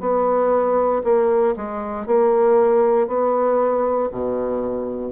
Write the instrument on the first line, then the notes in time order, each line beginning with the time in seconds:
bassoon
0.00 B3
1.04 A#3
1.56 G#3
2.06 A#3
3.07 B3
4.11 B2